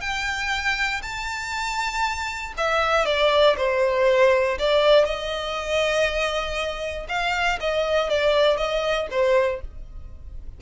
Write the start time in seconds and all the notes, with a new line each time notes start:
0.00 G5
1.02 A5
2.57 E5
3.05 D5
3.57 C5
4.58 D5
5.05 D#5
7.08 F5
7.60 D#5
8.09 D5
8.56 D#5
9.10 C5